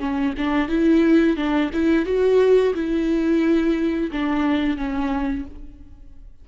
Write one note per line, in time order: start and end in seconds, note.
0.00 0.34 C#4
0.38 0.69 D4
0.69 1.37 E4
1.37 1.71 D4
1.74 2.06 E4
2.06 2.74 F#4
2.75 4.11 E4
4.12 4.77 D4
4.77 5.45 C#4